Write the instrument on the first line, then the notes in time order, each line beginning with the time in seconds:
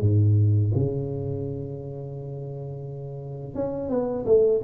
tuba
0.00 G#2
0.74 C#3
3.54 C#4
3.89 B3
4.25 A3